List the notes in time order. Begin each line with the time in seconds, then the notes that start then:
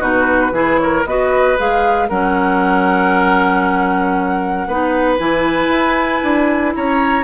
0.00 B2 D#4 F#4 B4
0.52 E3 E4 G#4
0.78 A#4 C#5
1.06 B3 F#4 B4 D#5
1.58 G#3 G#4 F5
2.09 F#3 C#4 A#4 F#5
4.68 B3 D#4 B4
5.18 E3 E4 G#5
5.69 E4
6.24 D4
6.76 C#4 C#5 A#5